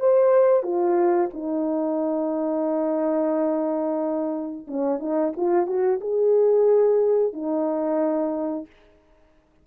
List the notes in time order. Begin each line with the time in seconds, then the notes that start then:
0.00 C5
0.63 F4
1.34 D#4
4.68 C#4
5.00 D#4
5.37 F4
5.67 F#4
6.01 G#4
7.33 D#4